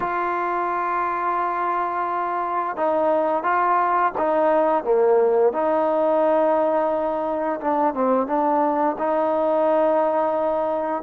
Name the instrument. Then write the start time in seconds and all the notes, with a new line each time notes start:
trombone
0.00 F4
2.76 D#4
3.43 F4
4.18 D#4
4.84 A#3
5.53 D#4
7.60 D4
7.94 C4
8.26 D4
8.98 D#4